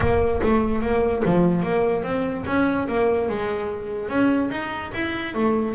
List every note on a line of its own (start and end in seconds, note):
0.00 0.40 A#3
0.42 0.81 A3
0.81 1.23 A#3
1.25 1.63 F3
1.63 2.03 A#3
2.03 2.44 C4
2.46 2.87 C#4
2.88 3.28 A#3
3.28 4.08 G#3
4.08 4.49 C#4
4.50 4.91 D#4
4.94 5.34 E4
5.34 5.74 A3